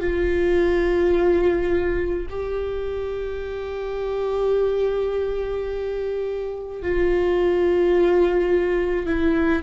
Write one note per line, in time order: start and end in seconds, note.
0.00 2.26 F4
2.30 6.82 G4
6.82 9.06 F4
9.06 9.63 E4